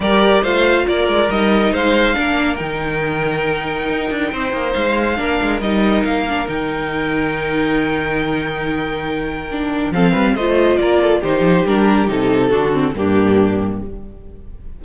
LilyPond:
<<
  \new Staff \with { instrumentName = "violin" } { \time 4/4 \tempo 4 = 139 d''4 f''4 d''4 dis''4 | f''2 g''2~ | g''2. f''4~ | f''4 dis''4 f''4 g''4~ |
g''1~ | g''2. f''4 | dis''4 d''4 c''4 ais'4 | a'2 g'2 | }
  \new Staff \with { instrumentName = "violin" } { \time 4/4 ais'4 c''4 ais'2 | c''4 ais'2.~ | ais'2 c''2 | ais'1~ |
ais'1~ | ais'2. a'8 b'8 | c''4 ais'8 a'8 g'2~ | g'4 fis'4 d'2 | }
  \new Staff \with { instrumentName = "viola" } { \time 4/4 g'4 f'2 dis'4~ | dis'4 d'4 dis'2~ | dis'1 | d'4 dis'4. d'8 dis'4~ |
dis'1~ | dis'2 d'4 c'4 | f'2 dis'4 d'4 | dis'4 d'8 c'8 ais2 | }
  \new Staff \with { instrumentName = "cello" } { \time 4/4 g4 a4 ais8 gis8 g4 | gis4 ais4 dis2~ | dis4 dis'8 d'8 c'8 ais8 gis4 | ais8 gis8 g4 ais4 dis4~ |
dis1~ | dis2. f8 g8 | a4 ais4 dis8 f8 g4 | c4 d4 g,2 | }
>>